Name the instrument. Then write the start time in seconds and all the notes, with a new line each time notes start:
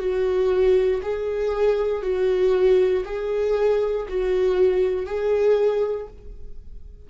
viola
0.00 F#4
1.03 G#4
2.02 F#4
3.05 G#4
4.09 F#4
5.06 G#4